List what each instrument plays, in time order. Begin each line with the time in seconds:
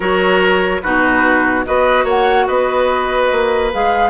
0.00 bassoon F#3, clarinet F#4, oboe A#4, flute C#5
0.81 bassoon B2, clarinet D#4, oboe F#4, flute B4
1.64 bassoon B3, clarinet F#4, oboe B4, flute D#5
2.03 bassoon A#3, oboe C#5, flute F#5
2.47 bassoon B3, oboe B4, flute D#5
3.31 bassoon A#3
3.72 bassoon G#3, clarinet G#4, flute F5